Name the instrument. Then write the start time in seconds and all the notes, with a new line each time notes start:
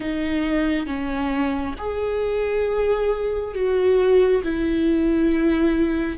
viola
0.00 D#4
0.86 C#4
1.78 G#4
3.54 F#4
4.43 E4